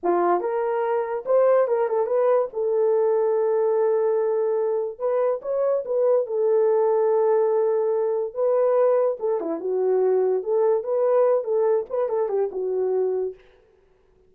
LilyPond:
\new Staff \with { instrumentName = "horn" } { \time 4/4 \tempo 4 = 144 f'4 ais'2 c''4 | ais'8 a'8 b'4 a'2~ | a'1 | b'4 cis''4 b'4 a'4~ |
a'1 | b'2 a'8 e'8 fis'4~ | fis'4 a'4 b'4. a'8~ | a'8 b'8 a'8 g'8 fis'2 | }